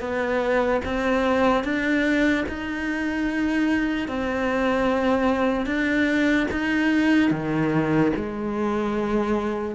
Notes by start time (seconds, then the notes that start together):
0.00 B3
0.85 C4
1.64 D4
2.48 D#4
4.08 C4
5.66 D4
6.51 D#4
7.31 D#3
8.16 G#3